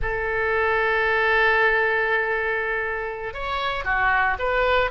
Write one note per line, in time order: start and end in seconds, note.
0.01 3.33 A4
3.33 3.84 C#5
3.84 4.37 F#4
4.38 4.90 B4